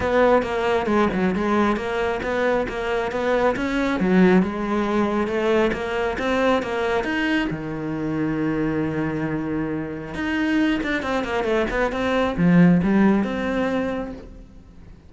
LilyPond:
\new Staff \with { instrumentName = "cello" } { \time 4/4 \tempo 4 = 136 b4 ais4 gis8 fis8 gis4 | ais4 b4 ais4 b4 | cis'4 fis4 gis2 | a4 ais4 c'4 ais4 |
dis'4 dis2.~ | dis2. dis'4~ | dis'8 d'8 c'8 ais8 a8 b8 c'4 | f4 g4 c'2 | }